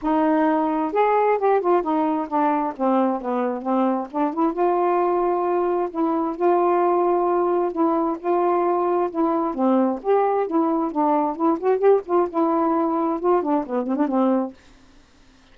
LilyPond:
\new Staff \with { instrumentName = "saxophone" } { \time 4/4 \tempo 4 = 132 dis'2 gis'4 g'8 f'8 | dis'4 d'4 c'4 b4 | c'4 d'8 e'8 f'2~ | f'4 e'4 f'2~ |
f'4 e'4 f'2 | e'4 c'4 g'4 e'4 | d'4 e'8 fis'8 g'8 f'8 e'4~ | e'4 f'8 d'8 b8 c'16 d'16 c'4 | }